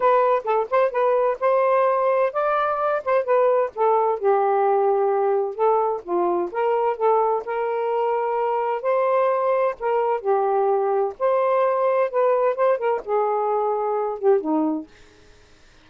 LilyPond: \new Staff \with { instrumentName = "saxophone" } { \time 4/4 \tempo 4 = 129 b'4 a'8 c''8 b'4 c''4~ | c''4 d''4. c''8 b'4 | a'4 g'2. | a'4 f'4 ais'4 a'4 |
ais'2. c''4~ | c''4 ais'4 g'2 | c''2 b'4 c''8 ais'8 | gis'2~ gis'8 g'8 dis'4 | }